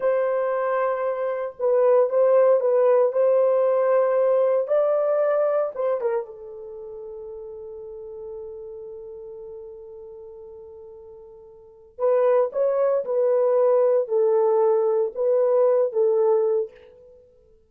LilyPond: \new Staff \with { instrumentName = "horn" } { \time 4/4 \tempo 4 = 115 c''2. b'4 | c''4 b'4 c''2~ | c''4 d''2 c''8 ais'8 | a'1~ |
a'1~ | a'2. b'4 | cis''4 b'2 a'4~ | a'4 b'4. a'4. | }